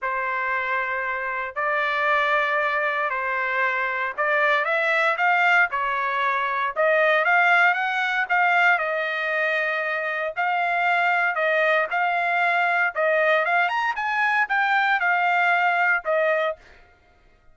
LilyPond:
\new Staff \with { instrumentName = "trumpet" } { \time 4/4 \tempo 4 = 116 c''2. d''4~ | d''2 c''2 | d''4 e''4 f''4 cis''4~ | cis''4 dis''4 f''4 fis''4 |
f''4 dis''2. | f''2 dis''4 f''4~ | f''4 dis''4 f''8 ais''8 gis''4 | g''4 f''2 dis''4 | }